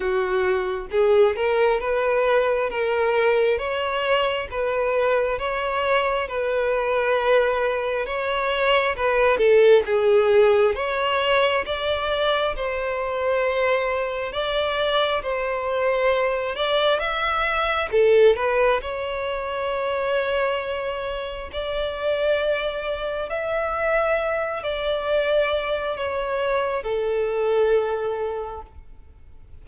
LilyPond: \new Staff \with { instrumentName = "violin" } { \time 4/4 \tempo 4 = 67 fis'4 gis'8 ais'8 b'4 ais'4 | cis''4 b'4 cis''4 b'4~ | b'4 cis''4 b'8 a'8 gis'4 | cis''4 d''4 c''2 |
d''4 c''4. d''8 e''4 | a'8 b'8 cis''2. | d''2 e''4. d''8~ | d''4 cis''4 a'2 | }